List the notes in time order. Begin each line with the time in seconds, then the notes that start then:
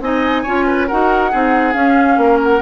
0.00 C4 D#4 D#5 G#5
0.43 C#4 F4 C#5
0.67 B4
0.87 D#4 F#4 A#4 F#5
1.30 C4 D#4 G#4
1.73 C#4 F5
2.17 A#3 A#4
2.43 F#5